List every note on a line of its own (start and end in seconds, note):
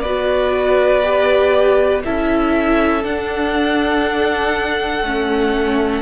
0.00 2.03 B3
0.00 1.03 F#4
0.00 2.02 B4
0.00 2.00 D5
1.03 2.03 G4
2.04 3.04 C#4
2.04 3.03 E4
2.04 6.02 A4
2.04 3.04 E5
3.03 5.03 D4
3.03 6.02 F#5
5.03 6.02 A3
5.03 6.02 C#4